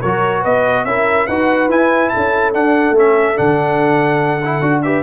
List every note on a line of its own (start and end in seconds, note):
0.00 0.44 F#3
0.00 0.87 F#4
0.00 0.41 A#4
0.00 0.43 C#5
0.41 0.84 B3
0.41 0.83 B4
0.41 0.85 D#5
0.84 1.26 C#4
0.84 1.29 E4
0.84 1.27 A#4
0.84 1.26 E5
1.26 1.68 D#4
1.26 1.70 F#4
1.26 2.11 B4
1.26 1.68 F#5
1.68 2.10 E4
1.68 2.53 E4
1.68 2.09 G#5
2.09 4.84 A4
2.09 2.51 A5
2.16 2.54 C#4
2.53 2.95 D4
2.53 2.91 D4
2.53 2.95 F#5
2.91 3.33 A3
2.91 3.35 C#4
2.98 3.37 E5
3.35 4.61 D3
3.35 4.40 D4
3.35 4.82 F#5
4.44 4.61 E4
4.61 5.02 D4
4.61 4.82 F#4
4.82 5.02 G4
4.82 5.02 B4
4.82 5.02 E5